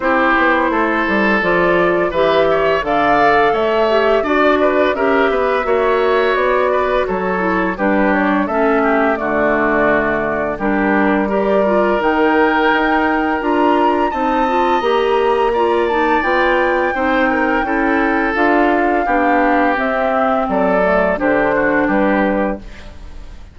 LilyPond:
<<
  \new Staff \with { instrumentName = "flute" } { \time 4/4 \tempo 4 = 85 c''2 d''4 e''4 | f''4 e''4 d''4 e''4~ | e''4 d''4 cis''4 b'8 cis''8 | e''4 d''2 ais'4 |
d''4 g''2 ais''4 | a''4 ais''4. a''8 g''4~ | g''2 f''2 | e''4 d''4 c''4 b'4 | }
  \new Staff \with { instrumentName = "oboe" } { \time 4/4 g'4 a'2 b'8 cis''8 | d''4 cis''4 d''8 b'8 ais'8 b'8 | cis''4. b'8 a'4 g'4 | a'8 g'8 fis'2 g'4 |
ais'1 | dis''2 d''2 | c''8 ais'8 a'2 g'4~ | g'4 a'4 g'8 fis'8 g'4 | }
  \new Staff \with { instrumentName = "clarinet" } { \time 4/4 e'2 f'4 g'4 | a'4. g'8 fis'4 g'4 | fis'2~ fis'8 e'8 d'4 | cis'4 a2 d'4 |
g'8 f'8 dis'2 f'4 | dis'8 f'8 g'4 f'8 dis'8 f'4 | dis'4 e'4 f'4 d'4 | c'4. a8 d'2 | }
  \new Staff \with { instrumentName = "bassoon" } { \time 4/4 c'8 b8 a8 g8 f4 e4 | d4 a4 d'4 cis'8 b8 | ais4 b4 fis4 g4 | a4 d2 g4~ |
g4 dis4 dis'4 d'4 | c'4 ais2 b4 | c'4 cis'4 d'4 b4 | c'4 fis4 d4 g4 | }
>>